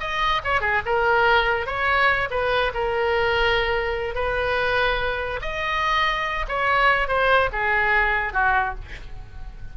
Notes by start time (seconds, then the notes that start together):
0.00 D#5
0.44 C#5
0.61 G#4
0.86 A#4
1.66 C#5
2.30 B4
2.74 A#4
4.15 B4
5.41 D#5
6.48 C#5
7.08 C5
7.53 G#4
8.33 F#4